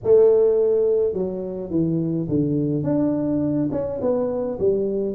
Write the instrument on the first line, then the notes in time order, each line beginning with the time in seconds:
tuba
0.03 A3
1.13 F#3
1.70 E3
2.29 D3
2.83 D4
3.71 C#4
4.01 B3
4.59 G3